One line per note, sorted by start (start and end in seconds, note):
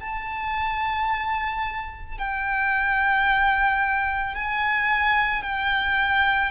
0.00 2.18 A5
2.18 4.35 G5
4.35 5.42 G#5
5.42 6.51 G5